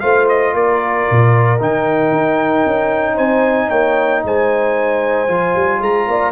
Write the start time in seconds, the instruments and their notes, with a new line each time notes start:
0.00 tuba A3, trombone F4, horn C5, trumpet F5
0.28 trumpet D#5
0.53 tuba A#3, horn A#4, trumpet D5
1.11 tuba A#2
1.59 tuba D#3, trombone D#4, trumpet G5
2.11 tuba D#4
2.66 tuba C#4
3.14 tuba C4, horn C5, trumpet G#5
3.69 tuba A#3, horn C#5, trumpet G5
4.24 tuba G#3, horn C5, trumpet G#5
5.28 tuba F3, trombone F4
5.56 tuba G3
5.81 tuba G#3, horn G#4, trumpet A#5
6.08 tuba A#3, horn D5